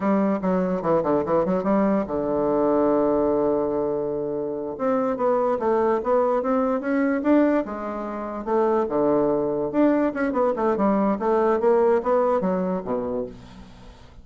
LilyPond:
\new Staff \with { instrumentName = "bassoon" } { \time 4/4 \tempo 4 = 145 g4 fis4 e8 d8 e8 fis8 | g4 d2.~ | d2.~ d8 c'8~ | c'8 b4 a4 b4 c'8~ |
c'8 cis'4 d'4 gis4.~ | gis8 a4 d2 d'8~ | d'8 cis'8 b8 a8 g4 a4 | ais4 b4 fis4 b,4 | }